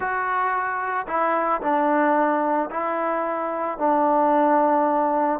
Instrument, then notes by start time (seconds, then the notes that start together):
trombone
0.00 F#4
1.07 E4
1.61 D4
2.70 E4
3.78 D4